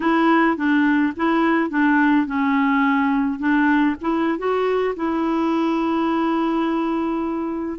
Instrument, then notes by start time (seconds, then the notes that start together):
clarinet
0.00 E4
0.56 D4
1.16 E4
1.70 D4
2.26 C#4
3.39 D4
4.01 E4
4.38 F#4
4.96 E4